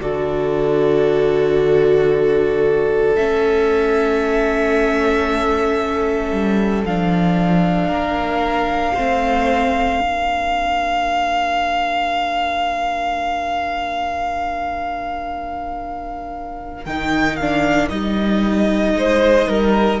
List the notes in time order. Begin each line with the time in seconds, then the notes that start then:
0.00 D3 F#4 A4 D5
3.16 A3 C#4 E5
6.31 G3
6.85 F3 D4 F5
7.87 A#3 A#4
8.94 A3 C4 C5
9.99 A#3 D4 A#4
16.85 D#3 D#4 G5
17.36 D4 F5
17.89 G3 D#4 D#5
18.94 G#3 C5
19.47 G3 A#4